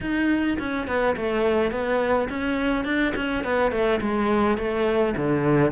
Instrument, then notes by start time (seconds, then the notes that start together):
cello
0.00 D#4
0.58 C#4
0.87 B3
1.16 A3
1.71 B3
2.29 C#4
2.84 D4
3.15 C#4
3.43 B3
3.71 A3
4.01 G#3
4.57 A3
5.16 D3